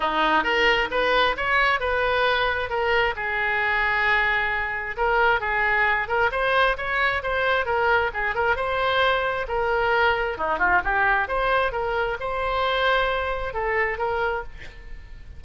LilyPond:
\new Staff \with { instrumentName = "oboe" } { \time 4/4 \tempo 4 = 133 dis'4 ais'4 b'4 cis''4 | b'2 ais'4 gis'4~ | gis'2. ais'4 | gis'4. ais'8 c''4 cis''4 |
c''4 ais'4 gis'8 ais'8 c''4~ | c''4 ais'2 dis'8 f'8 | g'4 c''4 ais'4 c''4~ | c''2 a'4 ais'4 | }